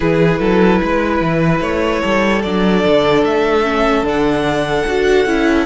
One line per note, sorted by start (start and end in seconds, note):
0.00 0.40 E3
0.00 2.43 E4
0.00 0.39 G#4
0.00 1.61 B4
0.39 0.80 F#3
0.39 0.80 A4
0.82 1.20 G#3
0.82 2.01 B4
1.20 1.60 E3
1.60 2.01 A3
1.60 2.42 C#5
2.01 2.44 G3
2.01 5.66 A4
2.43 2.85 F#3
2.43 3.63 D4
2.43 3.24 D5
2.85 3.23 D3
3.23 4.02 A3
3.23 4.05 E5
3.63 4.04 C#4
4.02 4.83 D3
4.02 4.85 D4
4.08 5.66 F#5
4.86 5.25 D4
4.86 5.27 F#4
5.25 5.66 C#4
5.25 5.66 E4